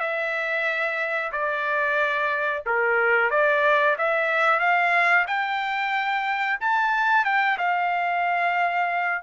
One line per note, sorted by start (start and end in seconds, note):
0.00 1.32 E5
1.32 2.64 D5
2.66 3.31 A#4
3.31 3.97 D5
3.98 4.60 E5
4.60 5.26 F5
5.27 6.59 G5
6.60 7.25 A5
7.25 7.58 G5
7.58 9.22 F5